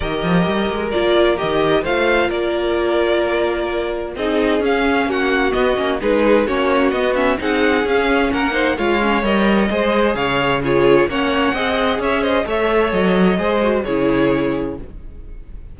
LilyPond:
<<
  \new Staff \with { instrumentName = "violin" } { \time 4/4 \tempo 4 = 130 dis''2 d''4 dis''4 | f''4 d''2.~ | d''4 dis''4 f''4 fis''4 | dis''4 b'4 cis''4 dis''8 e''8 |
fis''4 f''4 fis''4 f''4 | dis''2 f''4 cis''4 | fis''2 e''8 dis''8 e''4 | dis''2 cis''2 | }
  \new Staff \with { instrumentName = "violin" } { \time 4/4 ais'1 | c''4 ais'2.~ | ais'4 gis'2 fis'4~ | fis'4 gis'4 fis'2 |
gis'2 ais'8 c''8 cis''4~ | cis''4 c''4 cis''4 gis'4 | cis''4 dis''4 cis''8 c''8 cis''4~ | cis''4 c''4 gis'2 | }
  \new Staff \with { instrumentName = "viola" } { \time 4/4 g'2 f'4 g'4 | f'1~ | f'4 dis'4 cis'2 | b8 cis'8 dis'4 cis'4 b8 cis'8 |
dis'4 cis'4. dis'8 f'8 cis'8 | ais'4 gis'2 f'4 | cis'4 gis'2 a'4~ | a'4 gis'8 fis'8 e'2 | }
  \new Staff \with { instrumentName = "cello" } { \time 4/4 dis8 f8 g8 gis8 ais4 dis4 | a4 ais2.~ | ais4 c'4 cis'4 ais4 | b8 ais8 gis4 ais4 b4 |
c'4 cis'4 ais4 gis4 | g4 gis4 cis2 | ais4 c'4 cis'4 a4 | fis4 gis4 cis2 | }
>>